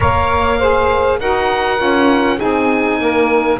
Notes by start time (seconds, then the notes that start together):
0.00 A#3 A#4 C#5 F5
0.58 G#4 C5
1.19 D#4 F#4 A#4 F#5
1.77 C#4 F4
2.37 C4 D#4 G#4 G#5
3.00 A#3 A#4